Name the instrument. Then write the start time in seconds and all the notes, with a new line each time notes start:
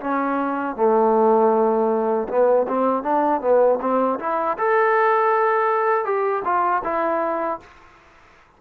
trombone
0.00 C#4
0.76 A3
2.29 B3
2.68 C4
3.03 D4
3.41 B3
3.81 C4
4.19 E4
4.58 A4
6.05 G4
6.45 F4
6.84 E4